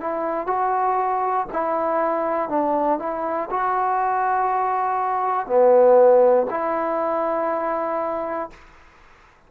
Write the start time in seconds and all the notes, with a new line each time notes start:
0.00 E4
0.46 F#4
1.52 E4
2.49 D4
2.99 E4
3.50 F#4
5.46 B3
6.50 E4